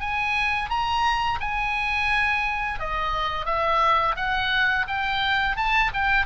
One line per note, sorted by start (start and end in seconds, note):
0.00 0.69 G#5
0.69 1.39 A#5
1.40 2.79 G#5
2.79 3.46 D#5
3.46 4.15 E5
4.16 4.86 F#5
4.87 5.56 G5
5.56 5.91 A5
5.93 6.26 G5